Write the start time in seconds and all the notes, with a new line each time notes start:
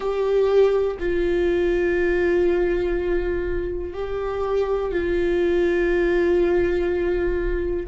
0.00 G4
0.99 F4
3.93 G4
4.91 F4